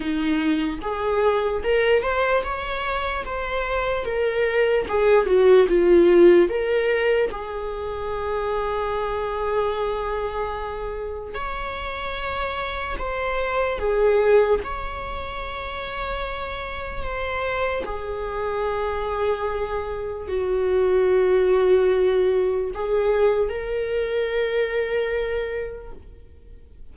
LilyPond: \new Staff \with { instrumentName = "viola" } { \time 4/4 \tempo 4 = 74 dis'4 gis'4 ais'8 c''8 cis''4 | c''4 ais'4 gis'8 fis'8 f'4 | ais'4 gis'2.~ | gis'2 cis''2 |
c''4 gis'4 cis''2~ | cis''4 c''4 gis'2~ | gis'4 fis'2. | gis'4 ais'2. | }